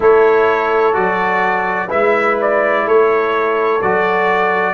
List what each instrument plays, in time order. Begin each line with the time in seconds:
0.00 tuba A3, trombone E4, horn A4, trumpet C#5
0.93 tuba F#3, trombone F#4, trumpet D5
1.87 tuba G#3, trombone E4, horn B4, trumpet E5
2.41 trumpet D5
2.86 tuba A3, horn A4, trumpet C#5
3.81 tuba F#3, trombone F#4, trumpet D5